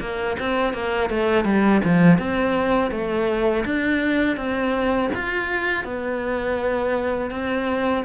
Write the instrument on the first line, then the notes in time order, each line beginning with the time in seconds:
cello
0.00 A#3
0.39 C4
0.74 A#3
1.10 A3
1.45 G3
1.84 F3
2.18 C4
2.91 A3
3.65 D4
4.37 C4
5.15 F4
5.84 B3
7.31 C4